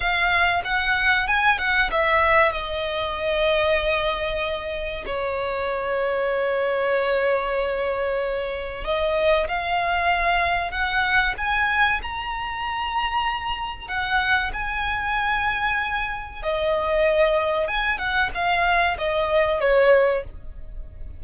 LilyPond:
\new Staff \with { instrumentName = "violin" } { \time 4/4 \tempo 4 = 95 f''4 fis''4 gis''8 fis''8 e''4 | dis''1 | cis''1~ | cis''2 dis''4 f''4~ |
f''4 fis''4 gis''4 ais''4~ | ais''2 fis''4 gis''4~ | gis''2 dis''2 | gis''8 fis''8 f''4 dis''4 cis''4 | }